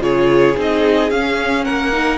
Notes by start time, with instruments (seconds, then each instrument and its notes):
0.00 cello C#3, viola F4, violin G#4 C#5
0.57 cello C4, viola D#4, violin D#5
1.10 cello C#4, viola C#4, violin F5
1.64 cello A#3, violin A#4 F#5
1.92 viola D#4